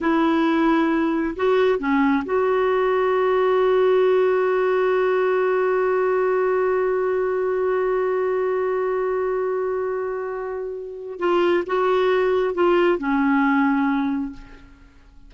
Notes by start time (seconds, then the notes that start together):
0.01 E4
1.36 F#4
1.78 C#4
2.24 F#4
11.19 F4
11.66 F#4
12.54 F4
12.98 C#4